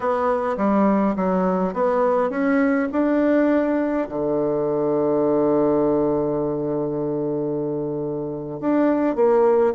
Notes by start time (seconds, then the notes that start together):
0.00 B3
0.57 G3
1.15 F#3
1.73 B3
2.30 C#4
2.92 D4
4.08 D3
8.60 D4
9.15 A#3